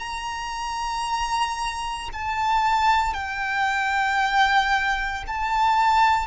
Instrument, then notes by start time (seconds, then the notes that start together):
violin
0.00 A#5
2.13 A5
3.14 G5
5.28 A5